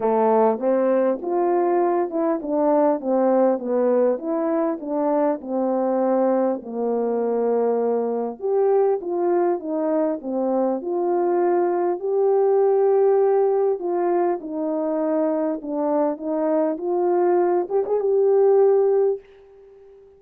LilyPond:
\new Staff \with { instrumentName = "horn" } { \time 4/4 \tempo 4 = 100 a4 c'4 f'4. e'8 | d'4 c'4 b4 e'4 | d'4 c'2 ais4~ | ais2 g'4 f'4 |
dis'4 c'4 f'2 | g'2. f'4 | dis'2 d'4 dis'4 | f'4. g'16 gis'16 g'2 | }